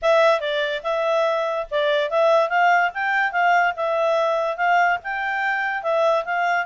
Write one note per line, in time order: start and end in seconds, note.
0.02 0.40 E5
0.40 0.82 D5
0.83 1.66 E5
1.70 2.10 D5
2.10 2.49 E5
2.49 2.90 F5
2.94 3.32 G5
3.32 3.73 F5
3.76 4.56 E5
4.56 4.98 F5
5.03 5.82 G5
5.82 6.24 E5
6.25 6.65 F5